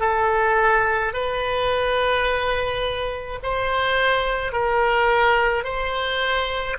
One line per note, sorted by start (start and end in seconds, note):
0.00 1.13 A4
1.13 3.40 B4
3.43 4.52 C5
4.52 5.64 A#4
5.64 6.77 C5